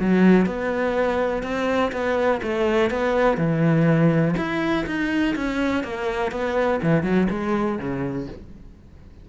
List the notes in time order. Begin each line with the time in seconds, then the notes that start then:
0.00 F#3
0.46 B3
1.43 C4
1.92 B3
2.42 A3
2.90 B3
3.37 E3
4.37 E4
4.86 D#4
5.36 C#4
5.84 A#3
6.31 B3
6.82 E3
7.03 F#3
7.30 G#3
7.79 C#3